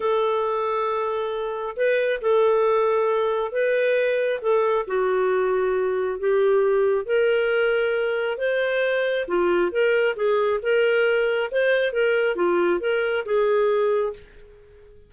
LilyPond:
\new Staff \with { instrumentName = "clarinet" } { \time 4/4 \tempo 4 = 136 a'1 | b'4 a'2. | b'2 a'4 fis'4~ | fis'2 g'2 |
ais'2. c''4~ | c''4 f'4 ais'4 gis'4 | ais'2 c''4 ais'4 | f'4 ais'4 gis'2 | }